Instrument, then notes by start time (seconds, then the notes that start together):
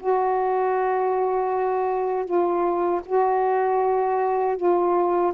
saxophone
0.00 F#4
2.25 F4
3.06 F#4
4.57 F4